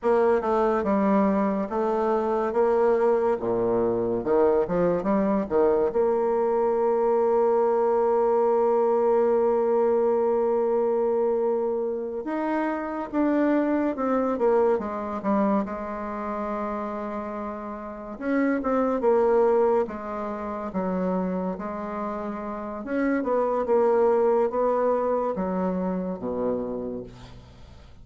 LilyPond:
\new Staff \with { instrumentName = "bassoon" } { \time 4/4 \tempo 4 = 71 ais8 a8 g4 a4 ais4 | ais,4 dis8 f8 g8 dis8 ais4~ | ais1~ | ais2~ ais8 dis'4 d'8~ |
d'8 c'8 ais8 gis8 g8 gis4.~ | gis4. cis'8 c'8 ais4 gis8~ | gis8 fis4 gis4. cis'8 b8 | ais4 b4 fis4 b,4 | }